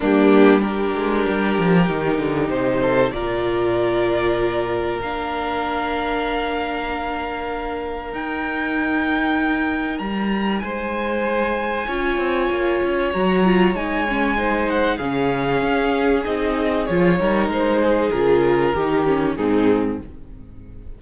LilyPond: <<
  \new Staff \with { instrumentName = "violin" } { \time 4/4 \tempo 4 = 96 g'4 ais'2. | c''4 d''2. | f''1~ | f''4 g''2. |
ais''4 gis''2.~ | gis''4 ais''4 gis''4. fis''8 | f''2 dis''4 cis''4 | c''4 ais'2 gis'4 | }
  \new Staff \with { instrumentName = "violin" } { \time 4/4 d'4 g'2.~ | g'8 a'8 ais'2.~ | ais'1~ | ais'1~ |
ais'4 c''2 cis''4~ | cis''2. c''4 | gis'2.~ gis'8 ais'8~ | ais'8 gis'4. g'4 dis'4 | }
  \new Staff \with { instrumentName = "viola" } { \time 4/4 ais4 d'2 dis'4~ | dis'4 f'2. | d'1~ | d'4 dis'2.~ |
dis'2. f'4~ | f'4 fis'8 f'8 dis'8 cis'8 dis'4 | cis'2 dis'4 f'8 dis'8~ | dis'4 f'4 dis'8 cis'8 c'4 | }
  \new Staff \with { instrumentName = "cello" } { \time 4/4 g4. gis8 g8 f8 dis8 d8 | c4 ais,2. | ais1~ | ais4 dis'2. |
g4 gis2 cis'8 c'8 | ais8 cis'8 fis4 gis2 | cis4 cis'4 c'4 f8 g8 | gis4 cis4 dis4 gis,4 | }
>>